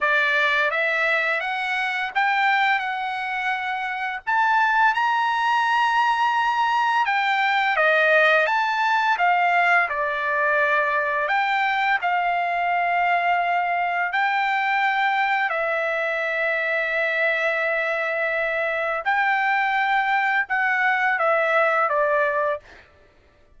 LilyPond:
\new Staff \with { instrumentName = "trumpet" } { \time 4/4 \tempo 4 = 85 d''4 e''4 fis''4 g''4 | fis''2 a''4 ais''4~ | ais''2 g''4 dis''4 | a''4 f''4 d''2 |
g''4 f''2. | g''2 e''2~ | e''2. g''4~ | g''4 fis''4 e''4 d''4 | }